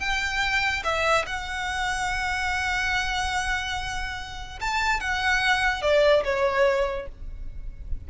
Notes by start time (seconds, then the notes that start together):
0.00 G5
0.84 E5
1.26 F#5
4.61 A5
5.00 F#5
5.82 D5
6.24 C#5